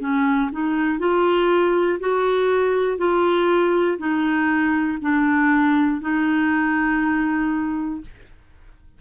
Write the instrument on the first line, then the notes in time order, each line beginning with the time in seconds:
clarinet
0.00 C#4
0.52 D#4
0.99 F4
1.99 F#4
2.98 F4
3.98 D#4
5.01 D4
6.00 D#4